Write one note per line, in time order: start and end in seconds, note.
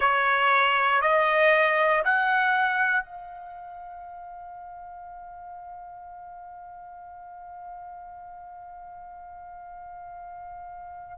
0.00 1.01 C#5
1.01 2.02 D#5
2.04 3.05 F#5
3.05 11.18 F5